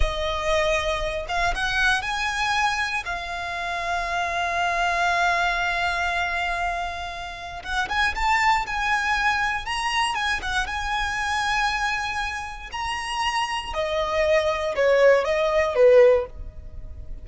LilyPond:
\new Staff \with { instrumentName = "violin" } { \time 4/4 \tempo 4 = 118 dis''2~ dis''8 f''8 fis''4 | gis''2 f''2~ | f''1~ | f''2. fis''8 gis''8 |
a''4 gis''2 ais''4 | gis''8 fis''8 gis''2.~ | gis''4 ais''2 dis''4~ | dis''4 cis''4 dis''4 b'4 | }